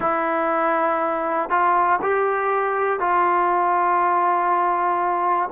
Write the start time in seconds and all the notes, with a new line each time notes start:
0.00 E4
1.49 F4
2.01 G4
2.99 F4